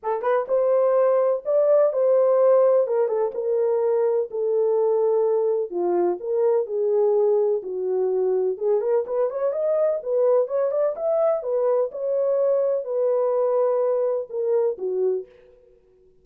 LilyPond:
\new Staff \with { instrumentName = "horn" } { \time 4/4 \tempo 4 = 126 a'8 b'8 c''2 d''4 | c''2 ais'8 a'8 ais'4~ | ais'4 a'2. | f'4 ais'4 gis'2 |
fis'2 gis'8 ais'8 b'8 cis''8 | dis''4 b'4 cis''8 d''8 e''4 | b'4 cis''2 b'4~ | b'2 ais'4 fis'4 | }